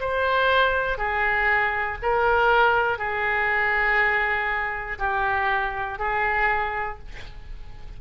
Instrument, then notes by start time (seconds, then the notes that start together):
oboe
0.00 C5
0.98 G#4
2.02 A#4
2.98 G#4
4.99 G4
5.99 G#4